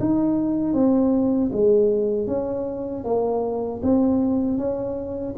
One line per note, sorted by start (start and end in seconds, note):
0.00 0.74 D#4
0.74 1.51 C4
1.52 2.28 G#3
2.28 3.05 C#4
3.05 3.81 A#3
3.83 4.58 C4
4.58 5.35 C#4